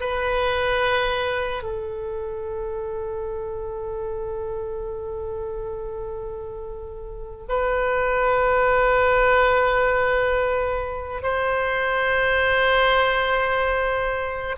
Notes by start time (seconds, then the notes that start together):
0.00 B4
1.63 A4
7.48 B4
11.22 C5